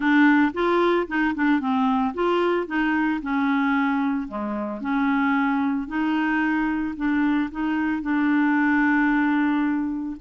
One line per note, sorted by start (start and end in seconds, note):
0.00 0.51 D4
0.53 1.07 F4
1.07 1.34 D#4
1.34 1.60 D4
1.60 2.13 C4
2.14 2.66 F4
2.66 3.20 D#4
3.21 4.28 C#4
4.28 4.81 G#3
4.81 5.87 C#4
5.87 6.94 D#4
6.96 7.50 D4
7.51 8.02 D#4
8.02 10.16 D4